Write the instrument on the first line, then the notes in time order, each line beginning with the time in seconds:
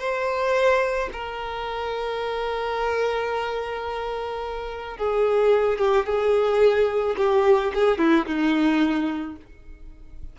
violin
0.00 C5
1.13 A#4
4.98 G#4
5.79 G4
6.06 G#4
7.18 G4
7.75 G#4
7.98 E4
8.26 D#4